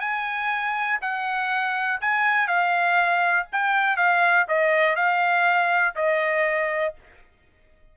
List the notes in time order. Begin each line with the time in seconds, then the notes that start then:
0.00 G#5
1.01 F#5
2.01 G#5
2.47 F5
3.52 G5
3.96 F5
4.48 D#5
4.96 F5
5.95 D#5